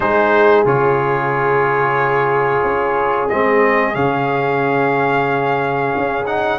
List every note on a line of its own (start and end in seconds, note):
0.00 0.65 G#3
0.00 0.65 D#4
0.00 6.59 G#4
0.00 0.65 C5
0.65 2.62 C#3
0.65 3.29 F4
0.65 3.28 C#5
2.63 3.29 C#4
3.28 3.95 G#3
3.28 3.93 C4
3.28 3.94 D#5
3.93 5.93 C#3
3.93 6.24 C#4
3.93 6.25 F5
5.96 6.59 C#4
6.26 6.59 D#4
6.26 6.59 F#5